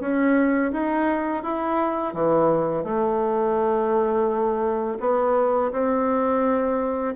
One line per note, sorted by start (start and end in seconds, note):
0.00 0.71 C#4
0.72 1.43 D#4
1.43 2.14 E4
2.14 2.84 E3
2.84 4.98 A3
5.00 5.71 B3
5.72 7.15 C4